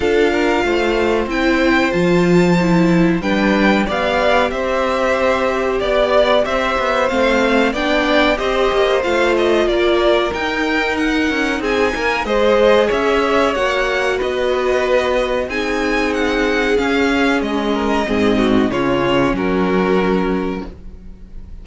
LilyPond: <<
  \new Staff \with { instrumentName = "violin" } { \time 4/4 \tempo 4 = 93 f''2 g''4 a''4~ | a''4 g''4 f''4 e''4~ | e''4 d''4 e''4 f''4 | g''4 dis''4 f''8 dis''8 d''4 |
g''4 fis''4 gis''4 dis''4 | e''4 fis''4 dis''2 | gis''4 fis''4 f''4 dis''4~ | dis''4 cis''4 ais'2 | }
  \new Staff \with { instrumentName = "violin" } { \time 4/4 a'8 ais'8 c''2.~ | c''4 b'4 d''4 c''4~ | c''4 d''4 c''2 | d''4 c''2 ais'4~ |
ais'2 gis'8 ais'8 c''4 | cis''2 b'2 | gis'2.~ gis'8 ais'8 | gis'8 fis'8 f'4 fis'2 | }
  \new Staff \with { instrumentName = "viola" } { \time 4/4 f'2 e'4 f'4 | e'4 d'4 g'2~ | g'2. c'4 | d'4 g'4 f'2 |
dis'2. gis'4~ | gis'4 fis'2. | dis'2 cis'2 | c'4 cis'2. | }
  \new Staff \with { instrumentName = "cello" } { \time 4/4 d'4 a4 c'4 f4~ | f4 g4 b4 c'4~ | c'4 b4 c'8 b8 a4 | b4 c'8 ais8 a4 ais4 |
dis'4. cis'8 c'8 ais8 gis4 | cis'4 ais4 b2 | c'2 cis'4 gis4 | gis,4 cis4 fis2 | }
>>